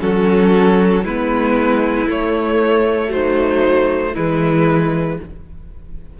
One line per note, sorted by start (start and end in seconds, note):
0.00 1.04 F#3
0.00 1.03 C#4
0.00 1.03 F#4
0.00 1.04 A4
1.03 2.08 G#3
1.03 2.07 B3
1.03 3.10 E4
1.03 2.08 B4
2.07 3.09 A3
2.07 4.16 A3
2.07 3.12 C#5
3.09 4.12 F#3
3.09 4.13 D#4
3.09 4.15 C5
4.13 5.20 E3
4.13 5.18 G#3
4.13 5.17 E4
4.13 5.19 B4